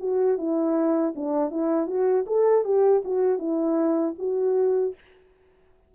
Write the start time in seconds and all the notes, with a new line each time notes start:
0.00 F#4
0.38 E4
1.16 D4
1.51 E4
1.87 F#4
2.27 A4
2.65 G4
3.05 F#4
3.39 E4
4.19 F#4